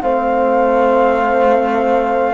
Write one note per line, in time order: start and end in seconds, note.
0.00 2.34 A3
0.00 2.34 C4
0.00 2.34 C5
0.00 2.34 F5